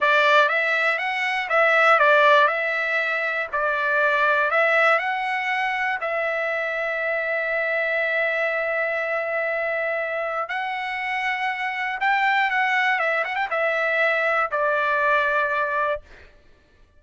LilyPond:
\new Staff \with { instrumentName = "trumpet" } { \time 4/4 \tempo 4 = 120 d''4 e''4 fis''4 e''4 | d''4 e''2 d''4~ | d''4 e''4 fis''2 | e''1~ |
e''1~ | e''4 fis''2. | g''4 fis''4 e''8 fis''16 g''16 e''4~ | e''4 d''2. | }